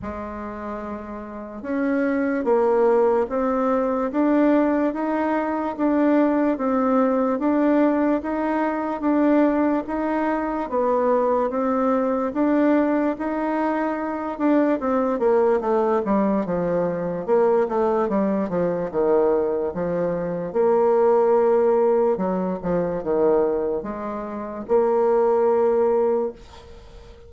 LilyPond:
\new Staff \with { instrumentName = "bassoon" } { \time 4/4 \tempo 4 = 73 gis2 cis'4 ais4 | c'4 d'4 dis'4 d'4 | c'4 d'4 dis'4 d'4 | dis'4 b4 c'4 d'4 |
dis'4. d'8 c'8 ais8 a8 g8 | f4 ais8 a8 g8 f8 dis4 | f4 ais2 fis8 f8 | dis4 gis4 ais2 | }